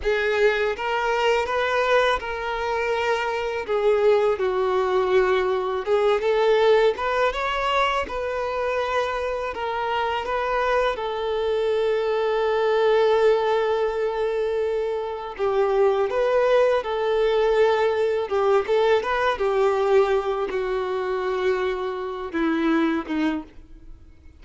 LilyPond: \new Staff \with { instrumentName = "violin" } { \time 4/4 \tempo 4 = 82 gis'4 ais'4 b'4 ais'4~ | ais'4 gis'4 fis'2 | gis'8 a'4 b'8 cis''4 b'4~ | b'4 ais'4 b'4 a'4~ |
a'1~ | a'4 g'4 b'4 a'4~ | a'4 g'8 a'8 b'8 g'4. | fis'2~ fis'8 e'4 dis'8 | }